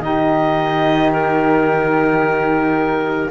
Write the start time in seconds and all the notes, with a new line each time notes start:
0.00 D#3 D#4 G4 D#5
1.12 A#4